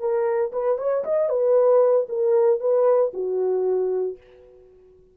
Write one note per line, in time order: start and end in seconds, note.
0.00 0.52 A#4
0.52 0.78 B4
0.78 1.04 C#5
1.04 1.29 D#5
1.29 2.06 B4
2.09 2.60 A#4
2.60 3.12 B4
3.13 4.17 F#4